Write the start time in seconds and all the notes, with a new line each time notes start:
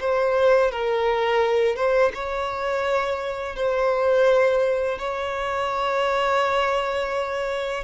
0.00 C5
0.71 A#4
1.76 C5
2.14 C#5
3.56 C5
4.98 C#5